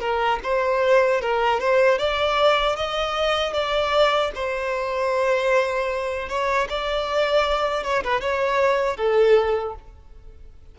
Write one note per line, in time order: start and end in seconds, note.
0.00 0.39 A#4
0.43 1.21 C5
1.21 1.60 A#4
1.60 1.98 C5
1.98 2.76 D5
2.76 3.53 D#5
3.53 4.31 D5
4.35 6.29 C5
6.29 6.68 C#5
6.69 7.83 D5
7.83 8.03 C#5
8.04 8.21 B4
8.21 8.97 C#5
8.97 9.75 A4